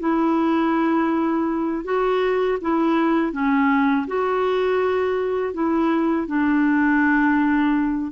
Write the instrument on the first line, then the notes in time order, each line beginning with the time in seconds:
clarinet
0.00 E4
1.85 F#4
2.62 E4
3.33 C#4
4.07 F#4
5.54 E4
6.28 D4